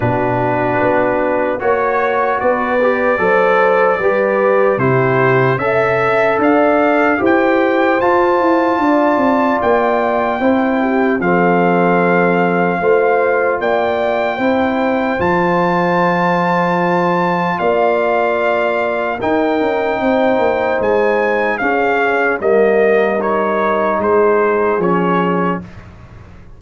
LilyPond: <<
  \new Staff \with { instrumentName = "trumpet" } { \time 4/4 \tempo 4 = 75 b'2 cis''4 d''4~ | d''2 c''4 e''4 | f''4 g''4 a''2 | g''2 f''2~ |
f''4 g''2 a''4~ | a''2 f''2 | g''2 gis''4 f''4 | dis''4 cis''4 c''4 cis''4 | }
  \new Staff \with { instrumentName = "horn" } { \time 4/4 fis'2 cis''4 b'4 | c''4 b'4 g'4 e''4 | d''4 c''2 d''4~ | d''4 c''8 g'8 a'2 |
c''4 d''4 c''2~ | c''2 d''2 | ais'4 c''2 gis'4 | ais'2 gis'2 | }
  \new Staff \with { instrumentName = "trombone" } { \time 4/4 d'2 fis'4. g'8 | a'4 g'4 e'4 a'4~ | a'4 g'4 f'2~ | f'4 e'4 c'2 |
f'2 e'4 f'4~ | f'1 | dis'2. cis'4 | ais4 dis'2 cis'4 | }
  \new Staff \with { instrumentName = "tuba" } { \time 4/4 b,4 b4 ais4 b4 | fis4 g4 c4 cis'4 | d'4 e'4 f'8 e'8 d'8 c'8 | ais4 c'4 f2 |
a4 ais4 c'4 f4~ | f2 ais2 | dis'8 cis'8 c'8 ais8 gis4 cis'4 | g2 gis4 f4 | }
>>